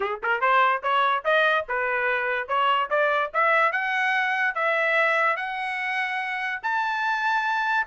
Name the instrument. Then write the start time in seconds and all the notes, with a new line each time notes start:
trumpet
0.00 G#4
0.22 A#4
0.40 C5
0.82 C#5
1.24 D#5
1.68 B4
2.48 C#5
2.89 D5
3.33 E5
3.71 F#5
4.54 E5
5.36 F#5
6.62 A5